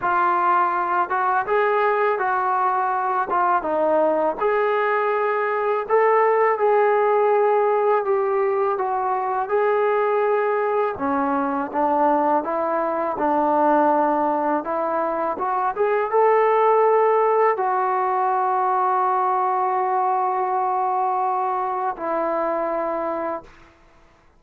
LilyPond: \new Staff \with { instrumentName = "trombone" } { \time 4/4 \tempo 4 = 82 f'4. fis'8 gis'4 fis'4~ | fis'8 f'8 dis'4 gis'2 | a'4 gis'2 g'4 | fis'4 gis'2 cis'4 |
d'4 e'4 d'2 | e'4 fis'8 gis'8 a'2 | fis'1~ | fis'2 e'2 | }